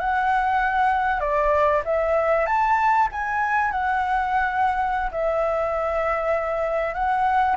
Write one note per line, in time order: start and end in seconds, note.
0.00 1.21 F#5
1.21 1.82 D5
1.86 2.47 E5
2.47 3.08 A5
3.12 3.72 G#5
3.72 5.11 F#5
5.12 6.95 E5
6.95 7.57 F#5